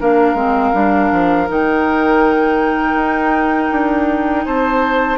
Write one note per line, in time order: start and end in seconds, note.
0.00 0.33 A#3
0.00 0.36 D4
0.00 4.45 A#4
0.00 1.49 F5
0.33 0.71 G#3
0.33 0.73 C4
0.73 1.11 G3
0.73 1.47 D4
1.11 1.48 F3
1.48 2.95 D#3
1.48 5.18 D#4
1.48 4.46 G5
2.95 3.69 D#4
3.71 4.45 D4
4.45 5.18 C4
4.45 5.18 C5
4.45 5.18 A5